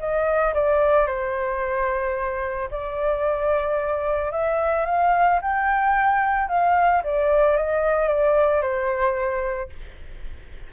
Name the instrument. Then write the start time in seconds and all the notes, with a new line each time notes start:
flute
0.00 D#5
0.54 D5
1.07 C5
2.71 D5
4.32 E5
4.86 F5
5.42 G5
6.49 F5
7.04 D5
7.57 D#5
8.09 D5
8.62 C5